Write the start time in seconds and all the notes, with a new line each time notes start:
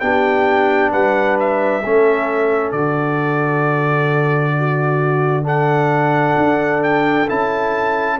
0.00 B3 D4 G4 G5
0.91 G3 B4 F#5
1.40 E5
1.83 A3 C#4 A4
2.72 D3 F#4 D5
4.58 F#4
5.44 D4 A4 F#5
6.37 D4
6.83 G5
7.28 C#4 E4 A5